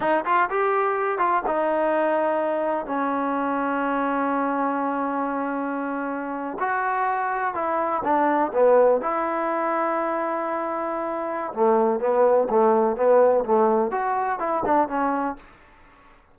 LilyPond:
\new Staff \with { instrumentName = "trombone" } { \time 4/4 \tempo 4 = 125 dis'8 f'8 g'4. f'8 dis'4~ | dis'2 cis'2~ | cis'1~ | cis'4.~ cis'16 fis'2 e'16~ |
e'8. d'4 b4 e'4~ e'16~ | e'1 | a4 b4 a4 b4 | a4 fis'4 e'8 d'8 cis'4 | }